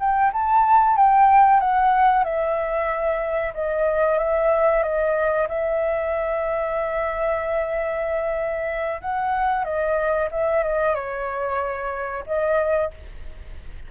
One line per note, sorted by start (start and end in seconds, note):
0.00 0.32 G5
0.33 0.97 A5
0.97 1.61 G5
1.61 2.25 F#5
2.25 3.54 E5
3.54 4.19 D#5
4.19 4.84 E5
4.84 5.48 D#5
5.49 9.01 E5
9.01 9.65 F#5
9.65 10.30 D#5
10.32 10.64 E5
10.64 10.96 D#5
10.96 12.25 C#5
12.27 12.91 D#5